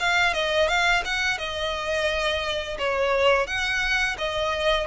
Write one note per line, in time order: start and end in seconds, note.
0.00 0.34 F5
0.34 0.68 D#5
0.68 1.03 F5
1.05 1.38 F#5
1.38 2.78 D#5
2.79 3.47 C#5
3.47 4.17 F#5
4.19 4.87 D#5